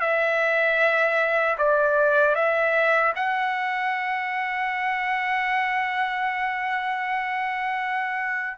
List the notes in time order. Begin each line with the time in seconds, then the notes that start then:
0.00 E5
1.58 D5
2.35 E5
3.15 F#5